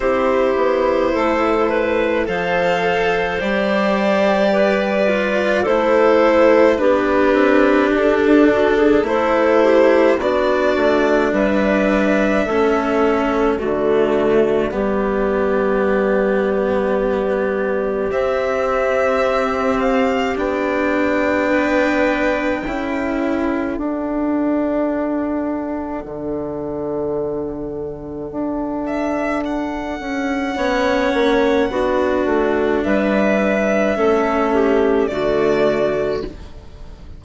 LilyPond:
<<
  \new Staff \with { instrumentName = "violin" } { \time 4/4 \tempo 4 = 53 c''2 f''4 d''4~ | d''4 c''4 b'4 a'4 | c''4 d''4 e''2 | d''1 |
e''4. f''8 g''2~ | g''4 fis''2.~ | fis''4. e''8 fis''2~ | fis''4 e''2 d''4 | }
  \new Staff \with { instrumentName = "clarinet" } { \time 4/4 g'4 a'8 b'8 c''2 | b'4 a'4 g'4. fis'16 gis'16 | a'8 g'8 fis'4 b'4 a'4 | fis'4 g'2.~ |
g'2. b'4 | a'1~ | a'2. cis''4 | fis'4 b'4 a'8 g'8 fis'4 | }
  \new Staff \with { instrumentName = "cello" } { \time 4/4 e'2 a'4 g'4~ | g'8 f'8 e'4 d'2 | e'4 d'2 cis'4 | a4 b2. |
c'2 d'2 | e'4 d'2.~ | d'2. cis'4 | d'2 cis'4 a4 | }
  \new Staff \with { instrumentName = "bassoon" } { \time 4/4 c'8 b8 a4 f4 g4~ | g4 a4 b8 c'8 d'4 | a4 b8 a8 g4 a4 | d4 g2. |
c'2 b2 | cis'4 d'2 d4~ | d4 d'4. cis'8 b8 ais8 | b8 a8 g4 a4 d4 | }
>>